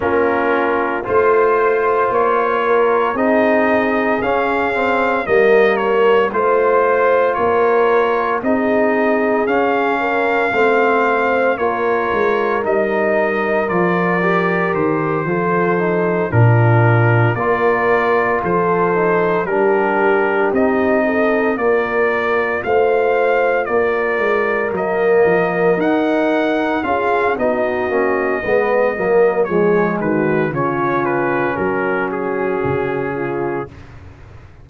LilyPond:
<<
  \new Staff \with { instrumentName = "trumpet" } { \time 4/4 \tempo 4 = 57 ais'4 c''4 cis''4 dis''4 | f''4 dis''8 cis''8 c''4 cis''4 | dis''4 f''2 cis''4 | dis''4 d''4 c''4. ais'8~ |
ais'8 d''4 c''4 ais'4 dis''8~ | dis''8 d''4 f''4 d''4 dis''8~ | dis''8 fis''4 f''8 dis''2 | cis''8 b'8 cis''8 b'8 ais'8 gis'4. | }
  \new Staff \with { instrumentName = "horn" } { \time 4/4 f'4 c''4. ais'8 gis'4~ | gis'4 ais'4 c''4 ais'4 | gis'4. ais'8 c''4 ais'4~ | ais'2~ ais'8 a'4 f'8~ |
f'8 ais'4 a'4 g'4. | a'8 ais'4 c''4 ais'4.~ | ais'4. gis'8 fis'4 b'8 ais'8 | gis'8 fis'8 f'4 fis'4. f'8 | }
  \new Staff \with { instrumentName = "trombone" } { \time 4/4 cis'4 f'2 dis'4 | cis'8 c'8 ais4 f'2 | dis'4 cis'4 c'4 f'4 | dis'4 f'8 g'4 f'8 dis'8 d'8~ |
d'8 f'4. dis'8 d'4 dis'8~ | dis'8 f'2. ais8~ | ais8 dis'4 f'8 dis'8 cis'8 b8 ais8 | gis4 cis'2. | }
  \new Staff \with { instrumentName = "tuba" } { \time 4/4 ais4 a4 ais4 c'4 | cis'4 g4 a4 ais4 | c'4 cis'4 a4 ais8 gis8 | g4 f4 dis8 f4 ais,8~ |
ais,8 ais4 f4 g4 c'8~ | c'8 ais4 a4 ais8 gis8 fis8 | f8 dis'4 cis'8 b8 ais8 gis8 fis8 | f8 dis8 cis4 fis4 cis4 | }
>>